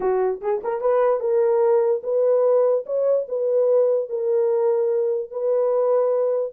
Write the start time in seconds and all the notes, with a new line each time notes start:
0.00 F#4
0.41 G#4
0.63 A#4
0.80 B4
1.19 A#4
2.03 B4
2.86 C#5
3.28 B4
4.09 A#4
5.30 B4